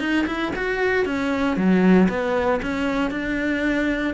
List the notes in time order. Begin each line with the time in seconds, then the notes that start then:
0.00 D#4
0.27 E4
0.56 F#4
1.06 C#4
1.57 F#3
2.09 B3
2.62 C#4
3.11 D4